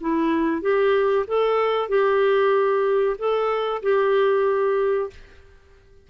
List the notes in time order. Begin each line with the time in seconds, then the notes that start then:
0.00 E4
0.61 G4
1.27 A4
1.89 G4
3.18 A4
3.82 G4